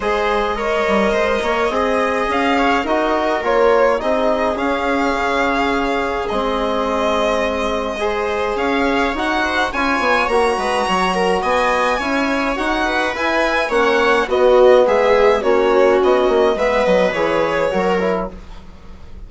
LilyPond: <<
  \new Staff \with { instrumentName = "violin" } { \time 4/4 \tempo 4 = 105 dis''1 | f''4 dis''4 cis''4 dis''4 | f''2. dis''4~ | dis''2. f''4 |
fis''4 gis''4 ais''2 | gis''2 fis''4 gis''4 | fis''4 dis''4 e''4 cis''4 | dis''4 e''8 dis''8 cis''2 | }
  \new Staff \with { instrumentName = "viola" } { \time 4/4 c''4 cis''4 c''8 cis''8 dis''4~ | dis''8 cis''8 ais'2 gis'4~ | gis'1~ | gis'2 c''4 cis''4~ |
cis''8 c''8 cis''4. b'8 cis''8 ais'8 | dis''4 cis''4. b'4. | cis''4 fis'4 gis'4 fis'4~ | fis'4 b'2 ais'4 | }
  \new Staff \with { instrumentName = "trombone" } { \time 4/4 gis'4 ais'2 gis'4~ | gis'4 fis'4 f'4 dis'4 | cis'2. c'4~ | c'2 gis'2 |
fis'4 f'4 fis'2~ | fis'4 e'4 fis'4 e'4 | cis'4 b2 cis'4~ | cis'4 b4 gis'4 fis'8 e'8 | }
  \new Staff \with { instrumentName = "bassoon" } { \time 4/4 gis4. g8 gis8 ais8 c'4 | cis'4 dis'4 ais4 c'4 | cis'4 cis2 gis4~ | gis2. cis'4 |
dis'4 cis'8 b8 ais8 gis8 fis4 | b4 cis'4 dis'4 e'4 | ais4 b4 gis4 ais4 | b8 ais8 gis8 fis8 e4 fis4 | }
>>